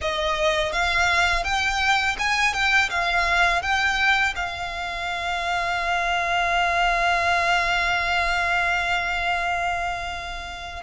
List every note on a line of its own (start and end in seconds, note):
0.01 0.72 D#5
0.72 1.44 F5
1.44 2.16 G5
2.18 2.53 G#5
2.53 2.89 G5
2.90 3.62 F5
3.62 4.34 G5
4.35 10.82 F5